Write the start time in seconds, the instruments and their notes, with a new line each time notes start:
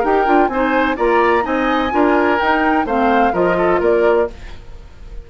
0.00 bassoon D#4, clarinet G4, oboe A#4, flute G5
0.25 bassoon D4, clarinet F4
0.48 bassoon C4, oboe C5, flute G#5
0.54 clarinet D#4
0.96 bassoon A#3, clarinet F4, oboe D5, flute A#5
1.41 bassoon C4, clarinet D#4, oboe D#5, flute G#5
1.91 bassoon D4, clarinet F4, oboe A#4
2.39 bassoon D#4, clarinet D#4, flute G5
2.85 bassoon A3, clarinet C4, oboe C5, flute F5
3.33 bassoon F3, clarinet F4, oboe A#4, flute D#5
3.58 oboe A4
3.80 bassoon A#3, oboe A#4, flute D5